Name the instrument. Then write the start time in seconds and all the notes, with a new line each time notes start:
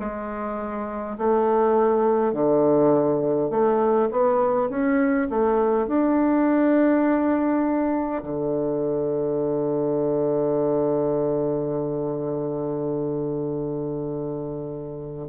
bassoon
0.00 G#3
1.19 A3
2.34 D3
3.51 A3
4.12 B3
4.70 C#4
5.30 A3
5.88 D4
8.24 D3